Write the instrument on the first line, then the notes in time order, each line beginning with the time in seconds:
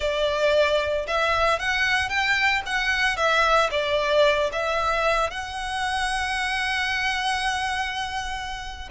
violin
0.00 D5
1.07 E5
1.59 F#5
2.09 G5
2.65 F#5
3.17 E5
3.70 D5
4.52 E5
5.30 F#5